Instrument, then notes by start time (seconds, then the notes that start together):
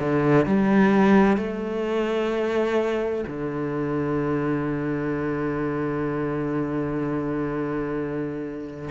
cello
0.00 D3
0.46 G3
1.38 A3
3.27 D3